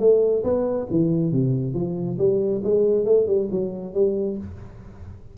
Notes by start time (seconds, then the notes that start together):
0.00 A3
0.44 B3
0.91 E3
1.32 C3
1.75 F3
2.19 G3
2.64 G#3
3.06 A3
3.27 G3
3.52 F#3
3.94 G3